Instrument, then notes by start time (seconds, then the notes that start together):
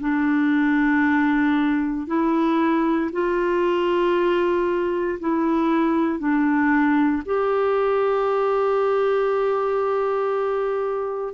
clarinet
0.00 D4
2.07 E4
3.12 F4
5.20 E4
6.19 D4
7.26 G4